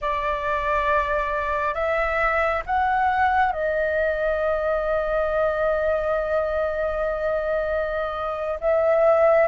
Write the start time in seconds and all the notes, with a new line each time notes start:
0.01 D5
1.74 E5
2.66 F#5
3.52 D#5
8.60 E5